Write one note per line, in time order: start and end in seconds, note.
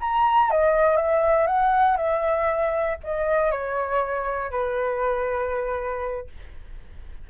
0.00 0.50 A#5
0.50 0.96 D#5
0.96 1.46 E5
1.46 1.96 F#5
1.96 2.97 E5
3.03 3.51 D#5
3.51 4.51 C#5
4.51 6.27 B4